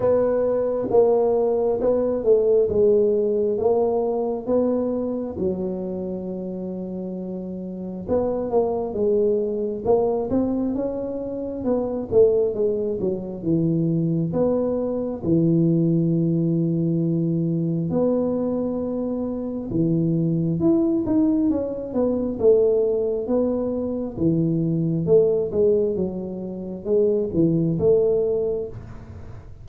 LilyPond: \new Staff \with { instrumentName = "tuba" } { \time 4/4 \tempo 4 = 67 b4 ais4 b8 a8 gis4 | ais4 b4 fis2~ | fis4 b8 ais8 gis4 ais8 c'8 | cis'4 b8 a8 gis8 fis8 e4 |
b4 e2. | b2 e4 e'8 dis'8 | cis'8 b8 a4 b4 e4 | a8 gis8 fis4 gis8 e8 a4 | }